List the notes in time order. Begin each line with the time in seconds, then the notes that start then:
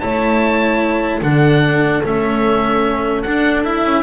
0.00 A3 E4 C#5 A5
1.22 D3 D4 A4 F#5
2.04 A3 C#4 E5
3.22 D4 F#5
3.65 E4 E5
3.85 C#4